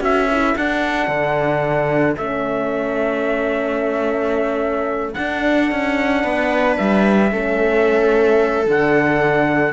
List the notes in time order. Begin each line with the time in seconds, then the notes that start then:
0.00 C#4 F#4 A4 E5
0.31 E4
0.56 D4 F#5
1.08 D3
2.16 A3 C#4 E5
5.14 D4 F#5
5.71 C#4
6.23 B3 B4
6.77 G3 E5
7.31 A3 C#4 A4
8.66 D3 D4 F#5